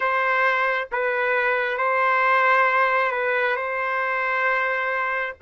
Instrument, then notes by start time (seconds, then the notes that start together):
trumpet
0.00 C5
0.92 B4
1.77 C5
3.11 B4
3.56 C5